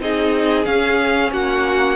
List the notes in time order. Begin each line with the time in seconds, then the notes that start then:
0.00 C4 D#4 G#4 D#5
0.65 C#4 F5
1.32 A#3 F#4 F#5